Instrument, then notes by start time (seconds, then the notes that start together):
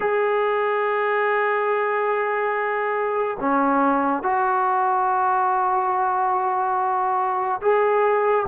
trombone
0.00 G#4
3.40 C#4
4.23 F#4
7.61 G#4